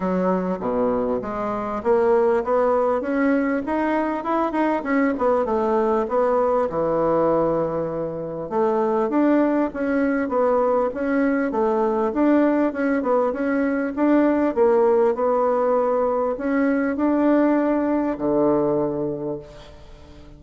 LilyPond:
\new Staff \with { instrumentName = "bassoon" } { \time 4/4 \tempo 4 = 99 fis4 b,4 gis4 ais4 | b4 cis'4 dis'4 e'8 dis'8 | cis'8 b8 a4 b4 e4~ | e2 a4 d'4 |
cis'4 b4 cis'4 a4 | d'4 cis'8 b8 cis'4 d'4 | ais4 b2 cis'4 | d'2 d2 | }